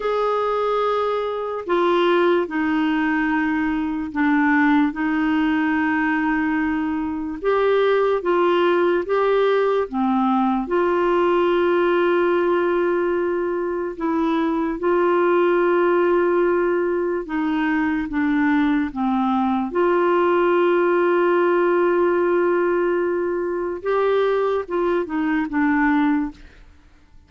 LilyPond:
\new Staff \with { instrumentName = "clarinet" } { \time 4/4 \tempo 4 = 73 gis'2 f'4 dis'4~ | dis'4 d'4 dis'2~ | dis'4 g'4 f'4 g'4 | c'4 f'2.~ |
f'4 e'4 f'2~ | f'4 dis'4 d'4 c'4 | f'1~ | f'4 g'4 f'8 dis'8 d'4 | }